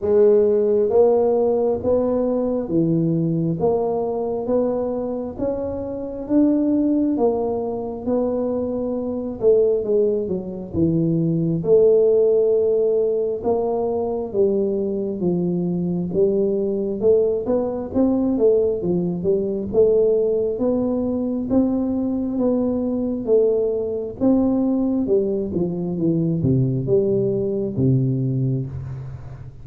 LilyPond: \new Staff \with { instrumentName = "tuba" } { \time 4/4 \tempo 4 = 67 gis4 ais4 b4 e4 | ais4 b4 cis'4 d'4 | ais4 b4. a8 gis8 fis8 | e4 a2 ais4 |
g4 f4 g4 a8 b8 | c'8 a8 f8 g8 a4 b4 | c'4 b4 a4 c'4 | g8 f8 e8 c8 g4 c4 | }